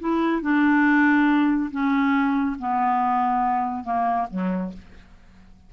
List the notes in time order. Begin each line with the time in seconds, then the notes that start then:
0.00 E4
0.42 D4
1.71 C#4
2.59 B3
3.84 A#3
4.31 F#3